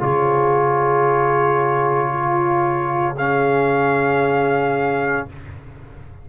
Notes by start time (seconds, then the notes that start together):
0.00 C#3 F4 G#4 C#5
2.09 F4
3.16 C#4 G#4 F5